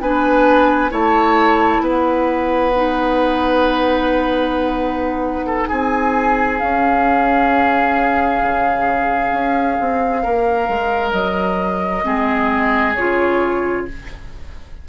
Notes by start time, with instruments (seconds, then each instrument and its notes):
0.00 bassoon B3, clarinet D4, oboe B4, flute G#5
0.90 bassoon A3, clarinet E4, oboe C#5, flute A5
1.80 bassoon B3, oboe B4, flute F#5
2.75 clarinet D#4
5.46 oboe A4
5.67 bassoon C4, oboe G#4, flute G#5
6.58 clarinet C#4, bassoon C#4, flute F5
8.42 bassoon C#3
9.31 bassoon C#4
9.80 bassoon C4
10.22 bassoon A#3, oboe A#4
10.68 bassoon G#3
11.12 bassoon F#3, flute D#5
12.03 bassoon G#3, clarinet C4, oboe G#4
12.94 bassoon C#3, clarinet F4, flute C#5